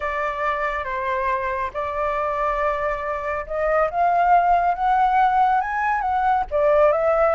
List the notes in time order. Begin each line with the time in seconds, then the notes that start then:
0.00 D5
0.84 C5
1.73 D5
3.46 D#5
3.90 F5
4.74 F#5
5.60 G#5
6.01 F#5
6.51 D5
6.92 E5